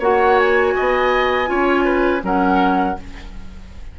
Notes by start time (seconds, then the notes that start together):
0.00 A#3 F#4 C#5 F#5
0.39 G#5
0.76 B3 D#5
1.47 C#4 F4 C#5
1.85 B4
2.21 F#3 C#4 A#4 F#5